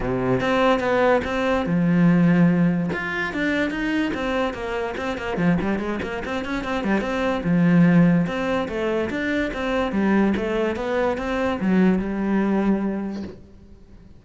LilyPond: \new Staff \with { instrumentName = "cello" } { \time 4/4 \tempo 4 = 145 c4 c'4 b4 c'4 | f2. f'4 | d'4 dis'4 c'4 ais4 | c'8 ais8 f8 g8 gis8 ais8 c'8 cis'8 |
c'8 g8 c'4 f2 | c'4 a4 d'4 c'4 | g4 a4 b4 c'4 | fis4 g2. | }